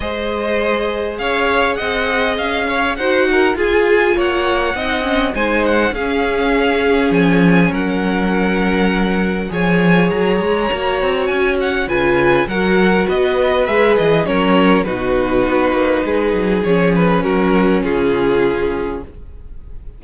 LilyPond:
<<
  \new Staff \with { instrumentName = "violin" } { \time 4/4 \tempo 4 = 101 dis''2 f''4 fis''4 | f''4 fis''4 gis''4 fis''4~ | fis''4 gis''8 fis''8 f''2 | gis''4 fis''2. |
gis''4 ais''2 gis''8 fis''8 | gis''4 fis''4 dis''4 e''8 dis''8 | cis''4 b'2. | cis''8 b'8 ais'4 gis'2 | }
  \new Staff \with { instrumentName = "violin" } { \time 4/4 c''2 cis''4 dis''4~ | dis''8 cis''8 c''8 ais'8 gis'4 cis''4 | dis''4 c''4 gis'2~ | gis'4 ais'2. |
cis''1 | b'4 ais'4 b'2 | ais'4 fis'2 gis'4~ | gis'4 fis'4 f'2 | }
  \new Staff \with { instrumentName = "viola" } { \time 4/4 gis'1~ | gis'4 fis'4 f'2 | dis'8 cis'8 dis'4 cis'2~ | cis'1 |
gis'2 fis'2 | f'4 fis'2 gis'4 | cis'4 dis'2. | cis'1 | }
  \new Staff \with { instrumentName = "cello" } { \time 4/4 gis2 cis'4 c'4 | cis'4 dis'4 f'4 ais4 | c'4 gis4 cis'2 | f4 fis2. |
f4 fis8 gis8 ais8 c'8 cis'4 | cis4 fis4 b4 gis8 e8 | fis4 b,4 b8 ais8 gis8 fis8 | f4 fis4 cis2 | }
>>